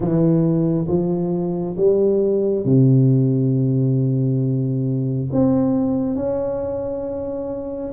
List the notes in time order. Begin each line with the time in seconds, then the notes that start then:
0.00 E3
0.87 F3
1.76 G3
2.65 C3
5.31 C4
6.15 C#4